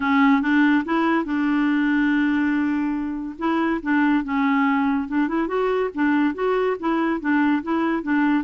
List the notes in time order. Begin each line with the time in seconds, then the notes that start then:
0.00 C#4
0.41 D4
0.85 E4
1.24 D4
3.38 E4
3.82 D4
4.23 C#4
5.08 D4
5.28 E4
5.47 F#4
5.94 D4
6.34 F#4
6.79 E4
7.20 D4
7.62 E4
8.03 D4